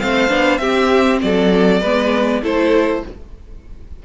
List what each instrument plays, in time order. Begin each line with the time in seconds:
0.00 cello A3, viola C4, violin C5 F5
0.29 cello B3, viola D4
0.58 cello C4, viola C4, violin G4 E5
1.22 cello F#3, violin A4 D5
1.81 cello G#3, viola B3, violin B4
2.42 cello A3, viola E4, violin A4 C5